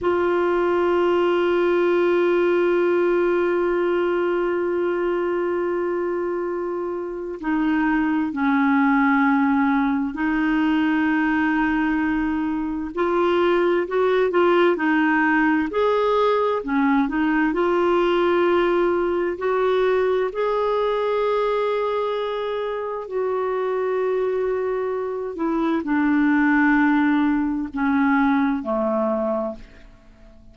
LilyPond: \new Staff \with { instrumentName = "clarinet" } { \time 4/4 \tempo 4 = 65 f'1~ | f'1 | dis'4 cis'2 dis'4~ | dis'2 f'4 fis'8 f'8 |
dis'4 gis'4 cis'8 dis'8 f'4~ | f'4 fis'4 gis'2~ | gis'4 fis'2~ fis'8 e'8 | d'2 cis'4 a4 | }